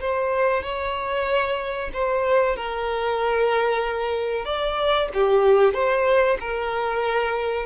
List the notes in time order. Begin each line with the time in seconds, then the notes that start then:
0.00 C5
0.63 C#5
1.94 C5
2.56 A#4
4.45 D5
5.14 G4
5.74 C5
6.40 A#4